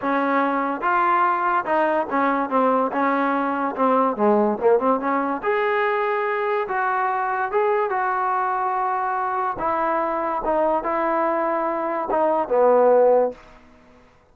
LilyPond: \new Staff \with { instrumentName = "trombone" } { \time 4/4 \tempo 4 = 144 cis'2 f'2 | dis'4 cis'4 c'4 cis'4~ | cis'4 c'4 gis4 ais8 c'8 | cis'4 gis'2. |
fis'2 gis'4 fis'4~ | fis'2. e'4~ | e'4 dis'4 e'2~ | e'4 dis'4 b2 | }